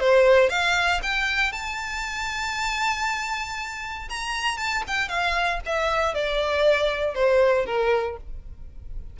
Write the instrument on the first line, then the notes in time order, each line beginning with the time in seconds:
violin
0.00 C5
0.49 F5
1.03 G5
1.52 A5
4.09 A#5
4.57 A5
4.87 G5
5.08 F5
5.66 E5
6.14 D5
7.15 C5
7.66 A#4